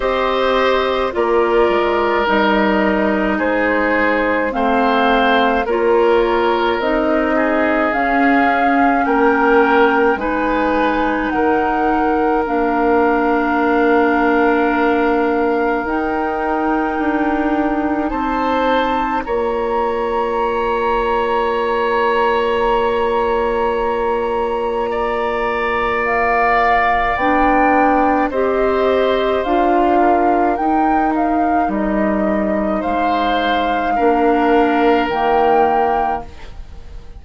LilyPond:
<<
  \new Staff \with { instrumentName = "flute" } { \time 4/4 \tempo 4 = 53 dis''4 d''4 dis''4 c''4 | f''4 cis''4 dis''4 f''4 | g''4 gis''4 fis''4 f''4~ | f''2 g''2 |
a''4 ais''2.~ | ais''2. f''4 | g''4 dis''4 f''4 g''8 f''8 | dis''4 f''2 g''4 | }
  \new Staff \with { instrumentName = "oboe" } { \time 4/4 c''4 ais'2 gis'4 | c''4 ais'4. gis'4. | ais'4 b'4 ais'2~ | ais'1 |
c''4 cis''2.~ | cis''2 d''2~ | d''4 c''4. ais'4.~ | ais'4 c''4 ais'2 | }
  \new Staff \with { instrumentName = "clarinet" } { \time 4/4 g'4 f'4 dis'2 | c'4 f'4 dis'4 cis'4~ | cis'4 dis'2 d'4~ | d'2 dis'2~ |
dis'4 f'2.~ | f'1 | d'4 g'4 f'4 dis'4~ | dis'2 d'4 ais4 | }
  \new Staff \with { instrumentName = "bassoon" } { \time 4/4 c'4 ais8 gis8 g4 gis4 | a4 ais4 c'4 cis'4 | ais4 gis4 dis4 ais4~ | ais2 dis'4 d'4 |
c'4 ais2.~ | ais1 | b4 c'4 d'4 dis'4 | g4 gis4 ais4 dis4 | }
>>